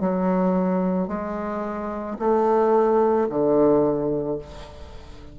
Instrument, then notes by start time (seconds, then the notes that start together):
bassoon
0.00 F#3
1.08 G#3
2.19 A3
3.29 D3